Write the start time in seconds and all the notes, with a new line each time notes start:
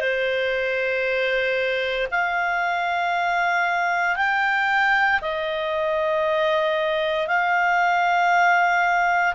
0.00 C5
2.11 F5
4.16 G5
5.21 D#5
7.27 F5